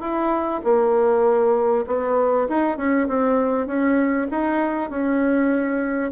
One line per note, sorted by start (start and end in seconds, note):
0.00 0.61 E4
0.64 1.85 A#3
1.87 2.47 B3
2.48 2.77 D#4
2.77 3.07 C#4
3.07 3.66 C4
3.66 4.27 C#4
4.31 4.90 D#4
4.90 6.11 C#4